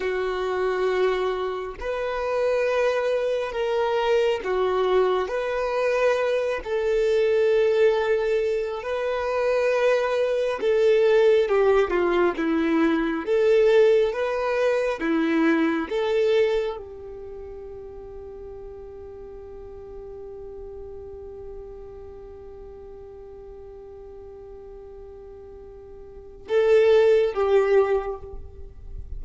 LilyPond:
\new Staff \with { instrumentName = "violin" } { \time 4/4 \tempo 4 = 68 fis'2 b'2 | ais'4 fis'4 b'4. a'8~ | a'2 b'2 | a'4 g'8 f'8 e'4 a'4 |
b'4 e'4 a'4 g'4~ | g'1~ | g'1~ | g'2 a'4 g'4 | }